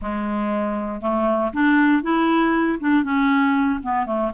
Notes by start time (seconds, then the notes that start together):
0.01 G#3
1.01 A3
1.53 D4
2.02 E4
2.80 D4
3.03 C#4
3.83 B3
4.06 A3